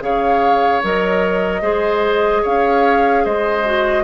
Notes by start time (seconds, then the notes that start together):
0.00 C#3 G#4 C#5 F5
0.83 F#3 A#4 D#5
1.61 G#3 G#4 C5
2.42 C#4 C#5 F5
3.24 G#3 C5 D#5
3.65 F#4